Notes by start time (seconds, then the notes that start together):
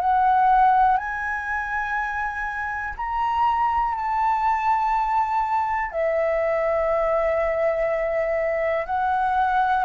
0.00 F#5
0.97 G#5
2.97 A#5
3.95 A5
5.91 E5
8.86 F#5